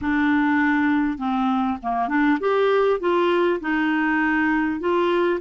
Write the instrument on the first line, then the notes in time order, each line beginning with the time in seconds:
clarinet
0.01 D4
1.18 C4
1.82 A#3
2.08 D4
2.40 G4
3.00 F4
3.60 D#4
4.79 F4